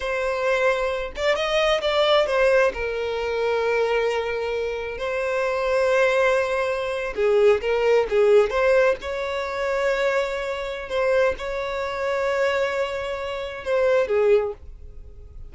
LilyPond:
\new Staff \with { instrumentName = "violin" } { \time 4/4 \tempo 4 = 132 c''2~ c''8 d''8 dis''4 | d''4 c''4 ais'2~ | ais'2. c''4~ | c''2.~ c''8. gis'16~ |
gis'8. ais'4 gis'4 c''4 cis''16~ | cis''1 | c''4 cis''2.~ | cis''2 c''4 gis'4 | }